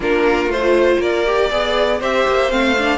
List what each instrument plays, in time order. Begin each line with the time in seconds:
0.00 cello A#3, viola D4, violin F4 A#4
0.46 cello A3, violin C5
0.53 viola F4
0.99 cello A#3, violin A#4 D5
1.26 viola G4
1.50 cello B3, viola G#4, violin D5
2.00 cello C4, viola G4, violin C5 E5
2.27 cello A#3
2.49 cello A3, viola C4, violin F5
2.77 viola D4